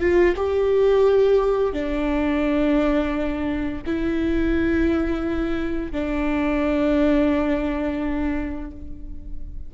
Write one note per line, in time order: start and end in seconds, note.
0.00 0.35 F4
0.36 1.73 G4
1.73 3.82 D4
3.86 5.92 E4
5.92 8.71 D4